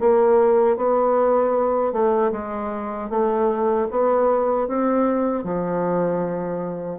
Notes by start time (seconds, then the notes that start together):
0.00 A#3
0.77 B3
1.93 A3
2.32 G#3
3.10 A3
3.91 B3
4.68 C4
5.44 F3